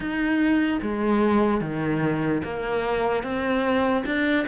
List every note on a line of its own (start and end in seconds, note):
0.00 0.79 D#4
0.81 1.60 G#3
1.60 2.41 D#3
2.44 3.22 A#3
3.22 4.04 C4
4.05 4.46 D4